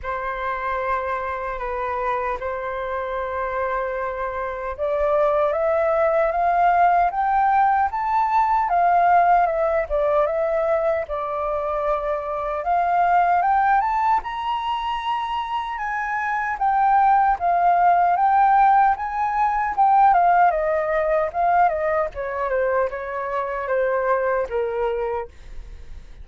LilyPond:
\new Staff \with { instrumentName = "flute" } { \time 4/4 \tempo 4 = 76 c''2 b'4 c''4~ | c''2 d''4 e''4 | f''4 g''4 a''4 f''4 | e''8 d''8 e''4 d''2 |
f''4 g''8 a''8 ais''2 | gis''4 g''4 f''4 g''4 | gis''4 g''8 f''8 dis''4 f''8 dis''8 | cis''8 c''8 cis''4 c''4 ais'4 | }